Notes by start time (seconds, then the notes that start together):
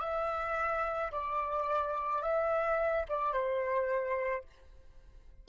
0.00 E5
1.12 D5
2.22 E5
3.09 D5
3.33 C5